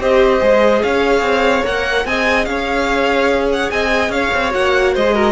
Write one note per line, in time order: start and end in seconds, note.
0.00 0.41 C4
0.00 0.40 G4
0.00 0.83 C5
0.00 0.83 D#5
0.40 0.83 G#3
0.40 1.64 G#4
0.83 1.21 C#4
0.83 2.06 C#5
0.83 1.65 F5
1.21 1.63 C4
1.64 2.05 A#3
1.64 2.05 A#4
1.64 2.07 F#5
2.05 2.47 C4
2.05 4.51 G#4
2.05 2.49 D#5
2.05 2.45 G#5
2.45 3.70 C#4
2.45 3.72 C#5
2.45 3.48 F5
3.52 3.71 F#5
3.71 4.09 C4
3.71 4.14 D#5
3.71 4.12 G#5
4.09 4.30 C#4
4.09 4.94 C#5
4.09 4.53 F5
4.34 4.55 C4
4.51 4.96 A#3
4.51 5.02 F#4
4.51 4.95 F#5
4.94 5.32 G#3
4.94 5.14 C5
4.94 5.32 D#5
5.05 5.14 G#4
5.14 5.32 F#4
5.14 5.32 A#4